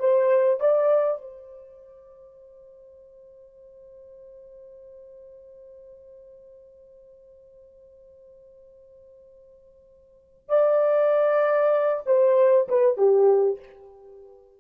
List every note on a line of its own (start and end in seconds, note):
0.00 0.60 C5
0.60 1.22 D5
1.22 10.49 C5
10.49 12.04 D5
12.06 12.68 C5
12.69 12.98 B4
12.98 13.60 G4